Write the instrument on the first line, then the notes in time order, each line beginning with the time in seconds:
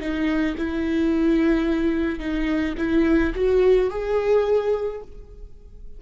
viola
0.00 D#4
0.58 E4
2.19 D#4
2.78 E4
3.35 F#4
3.90 G#4